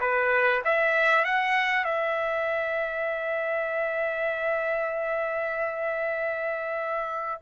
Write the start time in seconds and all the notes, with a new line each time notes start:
0.00 B4
0.64 E5
1.24 F#5
1.84 E5